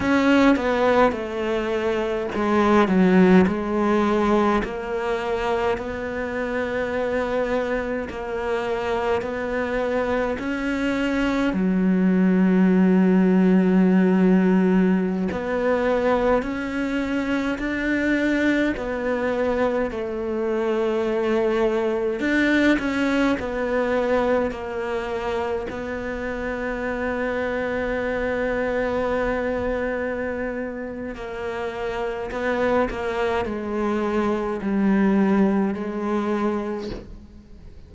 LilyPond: \new Staff \with { instrumentName = "cello" } { \time 4/4 \tempo 4 = 52 cis'8 b8 a4 gis8 fis8 gis4 | ais4 b2 ais4 | b4 cis'4 fis2~ | fis4~ fis16 b4 cis'4 d'8.~ |
d'16 b4 a2 d'8 cis'16~ | cis'16 b4 ais4 b4.~ b16~ | b2. ais4 | b8 ais8 gis4 g4 gis4 | }